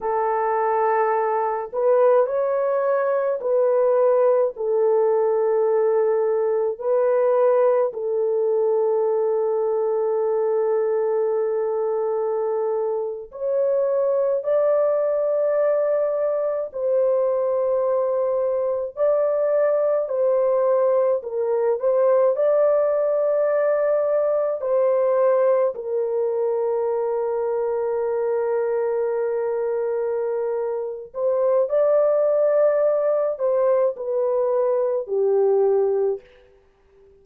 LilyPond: \new Staff \with { instrumentName = "horn" } { \time 4/4 \tempo 4 = 53 a'4. b'8 cis''4 b'4 | a'2 b'4 a'4~ | a'2.~ a'8. cis''16~ | cis''8. d''2 c''4~ c''16~ |
c''8. d''4 c''4 ais'8 c''8 d''16~ | d''4.~ d''16 c''4 ais'4~ ais'16~ | ais'2.~ ais'8 c''8 | d''4. c''8 b'4 g'4 | }